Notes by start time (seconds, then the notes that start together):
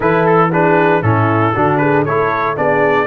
0.00 E3 E4 A4 B4
0.25 A4
0.52 D4 G#4 B4
1.02 A2 C#4 E4 A4
1.54 D3 D4 F#4
1.77 G#4 B4
2.04 A3 E4 A4 C#5
2.56 B3 D4 G#4 D5